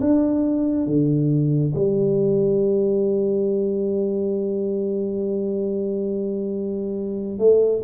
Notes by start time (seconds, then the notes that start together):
0.00 D4
0.86 D3
1.75 G3
7.38 A3